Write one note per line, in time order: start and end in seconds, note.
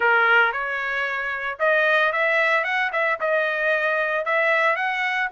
0.00 0.52 A#4
0.52 1.58 C#5
1.59 2.12 D#5
2.12 2.64 E5
2.64 2.90 F#5
2.92 3.19 E5
3.20 4.25 D#5
4.25 4.75 E5
4.75 5.29 F#5